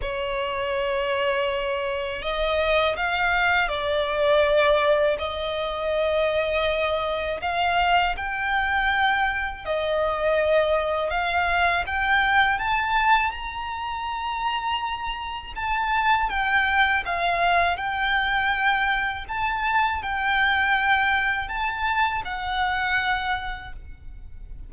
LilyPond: \new Staff \with { instrumentName = "violin" } { \time 4/4 \tempo 4 = 81 cis''2. dis''4 | f''4 d''2 dis''4~ | dis''2 f''4 g''4~ | g''4 dis''2 f''4 |
g''4 a''4 ais''2~ | ais''4 a''4 g''4 f''4 | g''2 a''4 g''4~ | g''4 a''4 fis''2 | }